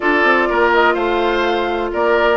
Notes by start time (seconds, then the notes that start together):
0.00 D4 F4 A4 D5
0.23 C4
0.49 A#3 A#4
0.73 D#5
0.94 A3 C5 F5
1.92 A#3 A#4 D5